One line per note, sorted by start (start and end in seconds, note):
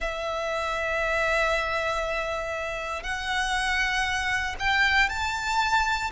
0.00 3.03 E5
3.03 4.55 F#5
4.59 5.09 G5
5.09 6.11 A5